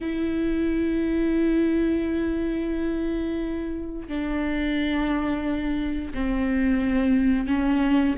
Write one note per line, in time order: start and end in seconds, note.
0.00 4.08 E4
4.08 6.12 D4
6.14 7.47 C4
7.47 8.15 C#4